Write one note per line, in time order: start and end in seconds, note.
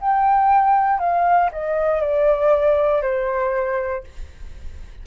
0.00 0.99 G5
0.99 1.50 F5
1.52 2.01 D#5
2.01 3.02 D5
3.02 4.04 C5